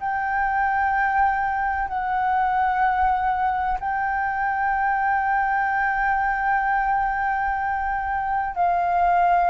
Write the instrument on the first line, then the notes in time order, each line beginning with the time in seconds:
flute
0.00 G5
1.88 F#5
3.80 G5
8.55 F5